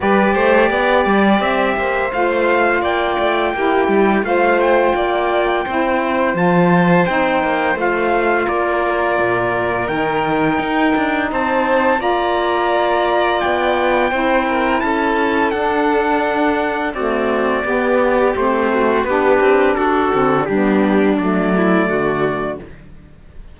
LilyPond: <<
  \new Staff \with { instrumentName = "trumpet" } { \time 4/4 \tempo 4 = 85 d''2 e''4 f''4 | g''2 f''8 g''4.~ | g''4 a''4 g''4 f''4 | d''2 g''2 |
a''4 ais''2 g''4~ | g''4 a''4 fis''2 | d''2 c''4 b'4 | a'4 g'4 d''2 | }
  \new Staff \with { instrumentName = "violin" } { \time 4/4 b'8 c''8 d''4. c''4. | d''4 g'4 c''4 d''4 | c''1 | ais'1 |
c''4 d''2. | c''8 ais'8 a'2. | fis'4 g'4. fis'8 g'4 | fis'4 d'4. e'8 fis'4 | }
  \new Staff \with { instrumentName = "saxophone" } { \time 4/4 g'2. f'4~ | f'4 e'4 f'2 | e'4 f'4 dis'4 f'4~ | f'2 dis'2~ |
dis'4 f'2. | e'2 d'2 | a4 b4 c'4 d'4~ | d'8 c'8 b4 a2 | }
  \new Staff \with { instrumentName = "cello" } { \time 4/4 g8 a8 b8 g8 c'8 ais8 a4 | ais8 a8 ais8 g8 a4 ais4 | c'4 f4 c'8 ais8 a4 | ais4 ais,4 dis4 dis'8 d'8 |
c'4 ais2 b4 | c'4 cis'4 d'2 | c'4 b4 a4 b8 c'8 | d'8 d8 g4 fis4 d4 | }
>>